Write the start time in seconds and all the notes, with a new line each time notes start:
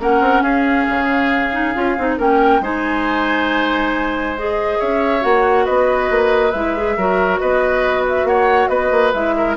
0.00 A#3 C#4 A#4 F#5
0.21 C4
0.42 C#4 G#4 F5
0.90 C#3
1.53 D#4
1.75 C#4 F4
1.98 C4 D#4
2.18 A#3 C#4 A#4 G5
2.61 G#3 D#4 C5 G#5
4.38 G#4 D#5
4.79 C#4 C#5 E5
5.21 A#3 F#4 F#5
5.66 B3 B4 D#5
6.11 A#3
6.52 G#3 E4 E5
6.78 G#4
6.98 F#3 F#4 A#4
7.40 B3 B4 D#5
8.09 E5
8.24 A#3 C#5 F#5
8.69 B3 B4 D#5
8.92 A#3
9.14 G#3 E4 E5
9.38 A#4